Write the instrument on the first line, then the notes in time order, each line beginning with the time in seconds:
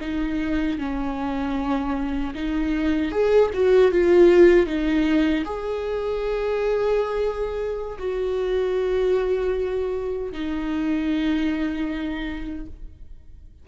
viola
0.00 D#4
0.78 C#4
2.34 D#4
3.11 G#4
3.53 F#4
3.91 F4
4.66 D#4
5.44 G#4
7.98 F#4
10.32 D#4